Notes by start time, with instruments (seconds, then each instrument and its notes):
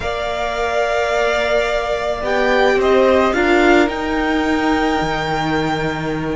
0.00 cello A#3, viola A#4, violin D5 F5
2.22 cello B3, viola G4, violin G5
2.75 cello C4, violin C5 D#5
3.33 cello D4, viola F4, violin A#4 F5
3.88 cello D#4, viola D#4, violin G5
5.01 cello D#3